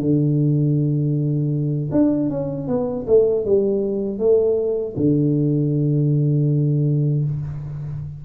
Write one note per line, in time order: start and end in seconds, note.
0.00 1.90 D3
1.91 2.29 D4
2.30 2.67 C#4
2.67 3.05 B3
3.07 3.45 A3
3.45 4.19 G3
4.19 4.95 A3
4.96 7.24 D3